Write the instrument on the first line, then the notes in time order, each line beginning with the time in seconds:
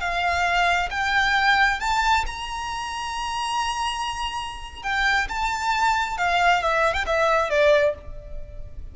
violin
0.00 F5
0.91 G5
1.80 A5
2.26 A#5
4.83 G5
5.29 A5
6.18 F5
6.63 E5
6.94 G5
7.06 E5
7.50 D5